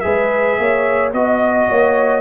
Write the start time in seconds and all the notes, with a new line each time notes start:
0.00 G#3 G#4 B4 E5
0.59 A#3 C#5
1.13 B3 F#4 D#5
1.69 A#3 C#5